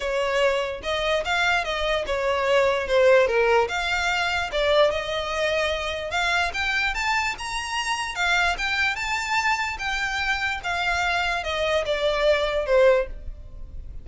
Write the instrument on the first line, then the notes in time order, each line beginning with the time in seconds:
violin
0.00 C#5
0.82 D#5
1.24 F5
1.64 D#5
2.06 C#5
2.87 C5
3.27 A#4
3.68 F5
4.52 D5
4.90 D#5
6.10 F5
6.53 G5
6.94 A5
7.38 A#5
8.15 F5
8.58 G5
8.95 A5
9.78 G5
10.63 F5
11.43 D#5
11.85 D5
12.65 C5